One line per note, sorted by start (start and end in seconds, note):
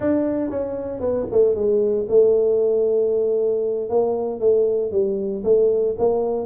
0.00 0.49 D4
0.49 1.00 C#4
1.00 1.26 B3
1.31 1.55 A3
1.55 2.07 G#3
2.08 3.89 A3
3.89 4.39 A#3
4.39 4.91 A3
4.91 5.43 G3
5.44 5.95 A3
5.98 6.46 A#3